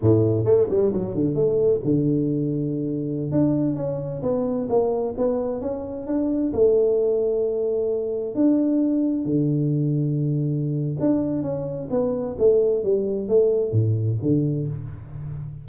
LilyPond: \new Staff \with { instrumentName = "tuba" } { \time 4/4 \tempo 4 = 131 a,4 a8 g8 fis8 d8 a4 | d2.~ d16 d'8.~ | d'16 cis'4 b4 ais4 b8.~ | b16 cis'4 d'4 a4.~ a16~ |
a2~ a16 d'4.~ d'16~ | d'16 d2.~ d8. | d'4 cis'4 b4 a4 | g4 a4 a,4 d4 | }